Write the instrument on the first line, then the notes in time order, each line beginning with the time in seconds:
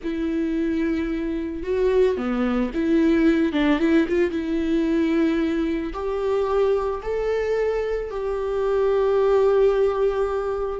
viola
0.03 E4
1.63 F#4
2.17 B3
2.73 E4
3.52 D4
3.79 E4
4.08 F4
4.30 E4
5.93 G4
7.02 A4
8.10 G4